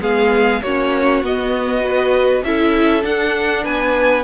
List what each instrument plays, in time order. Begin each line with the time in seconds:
0.00 cello G#3, viola B3, violin G#4 F5
0.62 cello A#3, viola C#4, violin F#4 C#5
1.22 cello B3, viola B3, violin D#5
1.81 viola F#4, violin B4
2.42 cello C#4, viola E4, violin A4 E5
3.01 viola D4, cello D4, violin F#5
3.63 cello B3, violin B4 G#5